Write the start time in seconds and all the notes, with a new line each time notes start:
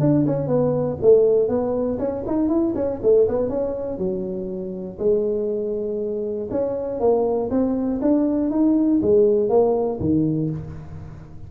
0.00 D4
0.26 C#4
0.47 B3
1.01 A3
1.48 B3
1.98 C#4
2.26 D#4
2.48 E4
2.75 C#4
3.02 A3
3.28 B3
3.49 C#4
3.98 F#3
4.98 G#3
6.51 C#4
7.00 A#3
7.50 C4
8.01 D4
8.50 D#4
9.02 G#3
9.49 A#3
10.00 D#3